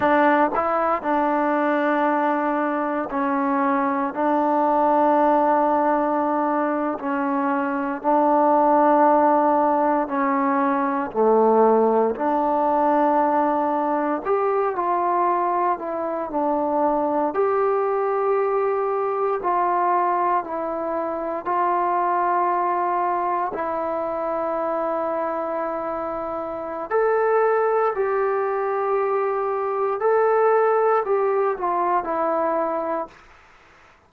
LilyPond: \new Staff \with { instrumentName = "trombone" } { \time 4/4 \tempo 4 = 58 d'8 e'8 d'2 cis'4 | d'2~ d'8. cis'4 d'16~ | d'4.~ d'16 cis'4 a4 d'16~ | d'4.~ d'16 g'8 f'4 e'8 d'16~ |
d'8. g'2 f'4 e'16~ | e'8. f'2 e'4~ e'16~ | e'2 a'4 g'4~ | g'4 a'4 g'8 f'8 e'4 | }